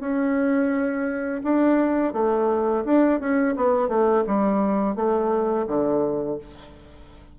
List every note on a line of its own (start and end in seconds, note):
0.00 1.41 C#4
1.43 2.13 D4
2.13 2.84 A3
2.85 3.20 D4
3.20 3.55 C#4
3.56 3.89 B3
3.89 4.24 A3
4.27 4.96 G3
4.96 5.66 A3
5.67 6.38 D3